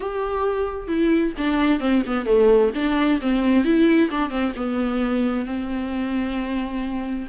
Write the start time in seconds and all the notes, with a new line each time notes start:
0.00 G4
0.87 E4
1.37 D4
1.80 C4
2.06 B3
2.25 A3
2.74 D4
3.21 C4
3.64 E4
4.10 D4
4.30 C4
4.56 B3
5.45 C4